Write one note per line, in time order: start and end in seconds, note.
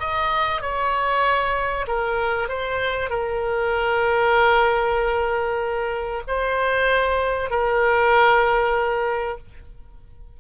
0.00 0.61 D#5
0.61 1.86 C#5
1.88 2.49 A#4
2.49 3.10 C5
3.10 6.22 A#4
6.28 7.50 C5
7.50 9.38 A#4